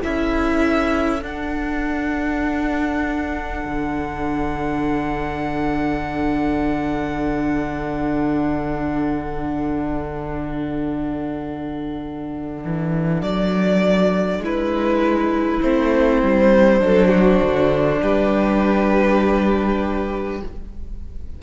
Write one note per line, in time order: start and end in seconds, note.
0.00 1.22 C#4
0.00 1.20 E4
0.00 14.40 A4
0.00 1.24 E5
1.22 15.62 D4
1.22 3.62 D4
1.22 13.22 F#5
3.64 12.64 D3
12.64 13.22 E3
13.22 14.39 F#3
13.22 14.42 D5
14.39 15.59 G#3
14.39 16.82 E4
14.39 15.62 B4
15.62 16.22 A3
15.62 16.79 C4
15.62 18.02 C5
16.22 16.80 G3
16.79 17.40 F#3
16.79 20.39 D4
16.79 17.08 A4
17.08 17.98 F#4
17.42 18.02 D3
18.02 20.42 G3
18.02 20.42 G4
18.02 20.42 B4